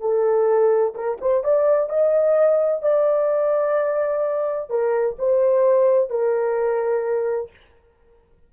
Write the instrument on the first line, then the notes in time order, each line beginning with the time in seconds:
horn
0.00 A4
0.94 A#4
1.21 C5
1.43 D5
1.89 D#5
2.82 D5
4.69 A#4
5.18 C5
6.09 A#4